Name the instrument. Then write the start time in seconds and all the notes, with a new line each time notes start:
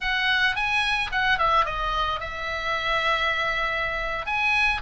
oboe
0.00 F#5
0.55 G#5
1.11 F#5
1.38 E5
1.65 D#5
2.20 E5
4.26 G#5